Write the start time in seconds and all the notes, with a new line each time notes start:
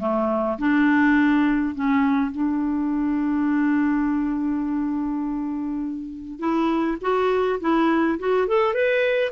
0.00 A3
0.59 D4
1.75 C#4
2.32 D4
6.40 E4
7.02 F#4
7.61 E4
8.20 F#4
8.48 A4
8.74 B4